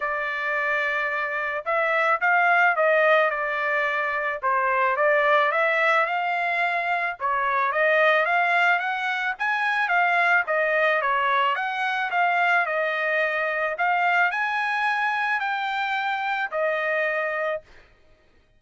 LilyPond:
\new Staff \with { instrumentName = "trumpet" } { \time 4/4 \tempo 4 = 109 d''2. e''4 | f''4 dis''4 d''2 | c''4 d''4 e''4 f''4~ | f''4 cis''4 dis''4 f''4 |
fis''4 gis''4 f''4 dis''4 | cis''4 fis''4 f''4 dis''4~ | dis''4 f''4 gis''2 | g''2 dis''2 | }